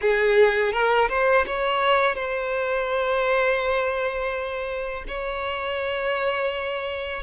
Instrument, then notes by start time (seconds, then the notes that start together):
violin
0.01 G#4
0.72 A#4
1.08 C5
1.46 C#5
2.15 C5
5.08 C#5